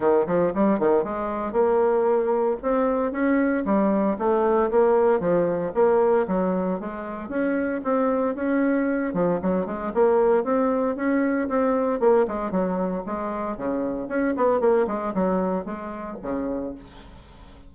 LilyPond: \new Staff \with { instrumentName = "bassoon" } { \time 4/4 \tempo 4 = 115 dis8 f8 g8 dis8 gis4 ais4~ | ais4 c'4 cis'4 g4 | a4 ais4 f4 ais4 | fis4 gis4 cis'4 c'4 |
cis'4. f8 fis8 gis8 ais4 | c'4 cis'4 c'4 ais8 gis8 | fis4 gis4 cis4 cis'8 b8 | ais8 gis8 fis4 gis4 cis4 | }